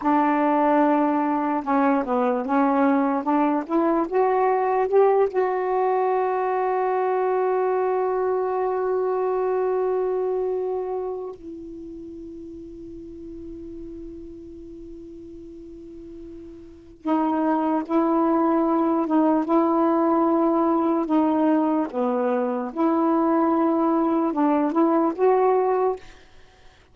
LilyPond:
\new Staff \with { instrumentName = "saxophone" } { \time 4/4 \tempo 4 = 74 d'2 cis'8 b8 cis'4 | d'8 e'8 fis'4 g'8 fis'4.~ | fis'1~ | fis'2 e'2~ |
e'1~ | e'4 dis'4 e'4. dis'8 | e'2 dis'4 b4 | e'2 d'8 e'8 fis'4 | }